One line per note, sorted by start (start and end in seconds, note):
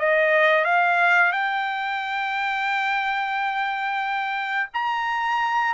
0.00 0.65 D#5
0.65 1.33 F5
1.33 4.70 G5
4.74 5.75 A#5